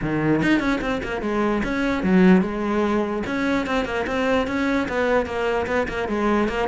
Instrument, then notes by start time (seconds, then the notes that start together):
cello
0.02 D#3
0.42 D#4
0.59 C#4
0.81 C4
1.03 A#3
1.21 G#3
1.63 C#4
2.03 F#3
2.41 G#3
3.26 C#4
3.66 C4
3.85 A#3
4.06 C4
4.47 C#4
4.88 B3
5.26 A#3
5.66 B3
5.88 A#3
6.08 G#3
6.48 A#3